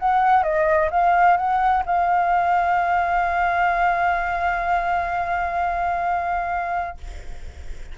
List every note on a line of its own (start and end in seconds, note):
0.00 0.44 F#5
0.44 0.90 D#5
0.91 1.37 F5
1.37 1.84 F#5
1.86 6.98 F5